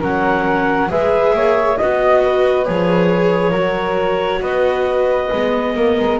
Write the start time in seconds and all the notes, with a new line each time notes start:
0.00 F#3 C#4 A#4 F#5
0.88 G#3 G#4 B4 E5
1.33 A#3 C#5
1.77 B3 F#4 D#5
2.24 B4
2.65 F3 G#4 C#5
3.50 F#3 F#4 A#4
4.41 B3 B4 D#5
5.32 G#3 B3
5.75 A#3 A#4
5.99 G#3